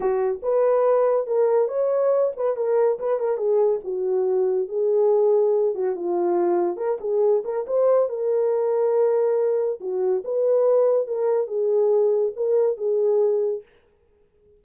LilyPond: \new Staff \with { instrumentName = "horn" } { \time 4/4 \tempo 4 = 141 fis'4 b'2 ais'4 | cis''4. b'8 ais'4 b'8 ais'8 | gis'4 fis'2 gis'4~ | gis'4. fis'8 f'2 |
ais'8 gis'4 ais'8 c''4 ais'4~ | ais'2. fis'4 | b'2 ais'4 gis'4~ | gis'4 ais'4 gis'2 | }